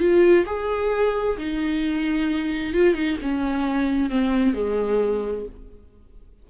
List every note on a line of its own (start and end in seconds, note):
0.00 0.45 F4
0.46 1.37 G#4
1.38 2.74 D#4
2.74 2.95 F4
2.95 3.18 D#4
3.22 4.10 C#4
4.10 4.54 C4
4.54 5.45 G#3